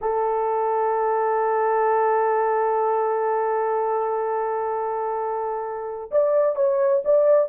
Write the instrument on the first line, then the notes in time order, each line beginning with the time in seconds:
horn
0.01 A4
6.11 D5
6.55 C#5
7.05 D5